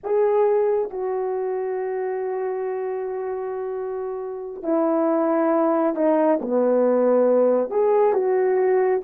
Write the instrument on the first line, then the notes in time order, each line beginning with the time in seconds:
horn
0.03 G#4
0.89 F#4
4.62 E4
5.95 D#4
6.41 B3
7.70 G#4
8.13 F#4